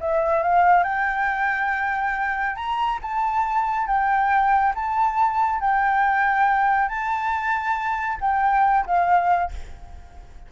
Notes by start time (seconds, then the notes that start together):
0.00 E5
0.42 F5
0.83 G5
2.56 A#5
3.02 A5
3.87 G5
4.75 A5
5.60 G5
6.88 A5
8.21 G5
8.86 F5